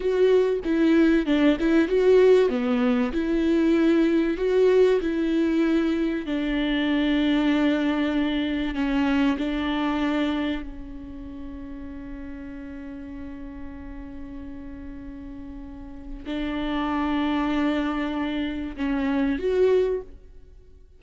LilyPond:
\new Staff \with { instrumentName = "viola" } { \time 4/4 \tempo 4 = 96 fis'4 e'4 d'8 e'8 fis'4 | b4 e'2 fis'4 | e'2 d'2~ | d'2 cis'4 d'4~ |
d'4 cis'2.~ | cis'1~ | cis'2 d'2~ | d'2 cis'4 fis'4 | }